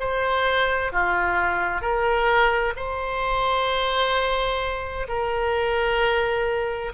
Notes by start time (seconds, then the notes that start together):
0.00 C5
0.93 F4
1.82 A#4
2.77 C5
5.09 A#4